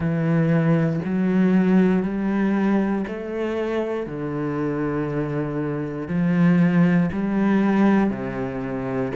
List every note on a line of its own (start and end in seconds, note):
0.00 1.00 E3
1.04 2.02 F#3
2.02 3.04 G3
3.07 4.06 A3
4.06 6.07 D3
6.07 7.09 F3
7.12 8.10 G3
8.10 9.12 C3